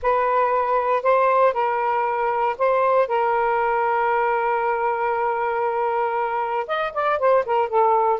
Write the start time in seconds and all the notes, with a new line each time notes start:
0.02 B4
1.03 C5
1.53 A#4
2.58 C5
3.07 A#4
6.67 D#5
6.93 D5
7.19 C5
7.45 A#4
7.68 A4